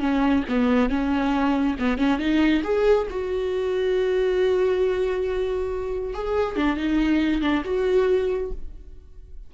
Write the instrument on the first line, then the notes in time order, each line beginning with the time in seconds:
viola
0.00 C#4
0.49 B3
0.89 C#4
1.79 B3
1.98 C#4
2.19 D#4
2.64 G#4
3.10 F#4
6.14 G#4
6.56 D4
6.77 D#4
7.42 D4
7.65 F#4